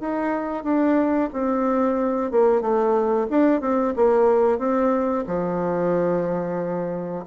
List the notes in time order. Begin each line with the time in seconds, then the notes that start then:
0.00 D#4
0.64 D4
1.33 C4
2.31 A#3
2.61 A3
3.30 D4
3.61 C4
3.96 A#3
4.58 C4
5.27 F3